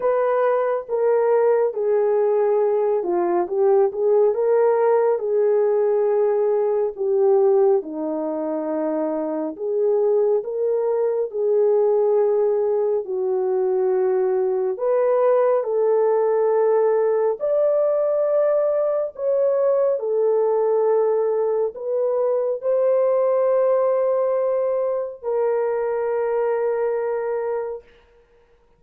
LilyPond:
\new Staff \with { instrumentName = "horn" } { \time 4/4 \tempo 4 = 69 b'4 ais'4 gis'4. f'8 | g'8 gis'8 ais'4 gis'2 | g'4 dis'2 gis'4 | ais'4 gis'2 fis'4~ |
fis'4 b'4 a'2 | d''2 cis''4 a'4~ | a'4 b'4 c''2~ | c''4 ais'2. | }